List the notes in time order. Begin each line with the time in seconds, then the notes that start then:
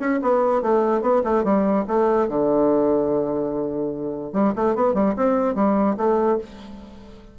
0.00 C#4
0.22 B3
0.62 A3
1.02 B3
1.25 A3
1.44 G3
1.88 A3
2.29 D3
4.33 G3
4.56 A3
4.76 B3
4.95 G3
5.17 C4
5.55 G3
5.98 A3